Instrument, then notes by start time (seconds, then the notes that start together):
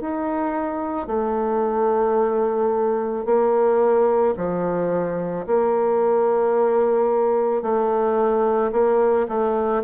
bassoon
0.00 D#4
1.07 A3
3.25 A#3
4.37 F3
5.46 A#3
7.62 A3
8.72 A#3
9.28 A3